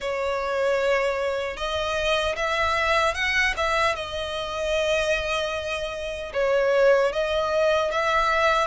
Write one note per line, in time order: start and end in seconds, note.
0.00 1.56 C#5
1.56 2.35 D#5
2.36 3.14 E5
3.14 3.53 F#5
3.56 3.95 E5
3.95 6.32 D#5
6.33 7.12 C#5
7.12 7.91 D#5
7.91 8.67 E5